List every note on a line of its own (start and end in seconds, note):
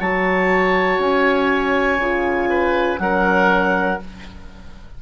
0.00 0.99 F#3
0.00 2.01 F#4
0.00 2.50 C#5
0.00 1.01 A5
0.99 1.98 C#4
0.99 3.00 G#5
1.98 2.98 C#3
1.98 3.00 F4
2.50 3.00 B4
2.99 3.99 F#3
2.99 4.00 C#4
2.99 4.02 A#4
2.99 4.00 F#5